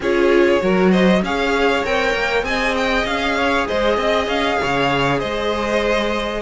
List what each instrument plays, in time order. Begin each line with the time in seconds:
0.00 cello C#4, viola F4, violin G#4 C#5
0.60 cello F#3, viola F#4, violin A#4
0.91 violin C5 D#5
1.22 cello C#4, viola G#4, violin C#5 F5
1.84 cello C4, viola A#4, violin G5
2.14 cello A#3
2.42 cello C4, viola G#4, violin D#5 G#5
2.76 violin G5
3.04 cello C#4, violin F5
3.37 violin C#5
3.67 cello G#3, violin C5 D#5
3.96 cello C4, violin D#5
4.27 cello C#4, violin F5
4.61 cello C#3, violin C#5
5.18 cello G#3, violin C5 D#5